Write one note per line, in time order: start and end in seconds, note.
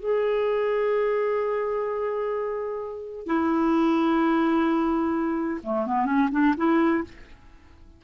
0.00 3.27 G#4
3.27 5.61 E4
5.64 5.87 A3
5.87 6.06 B3
6.06 6.29 C#4
6.32 6.55 D4
6.57 7.04 E4